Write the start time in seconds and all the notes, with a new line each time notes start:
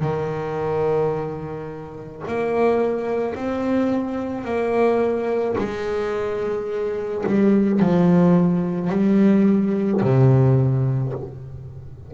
0.00 D#3
2.27 A#3
3.35 C4
4.44 A#3
5.57 G#3
7.26 G3
7.79 F3
8.89 G3
10.02 C3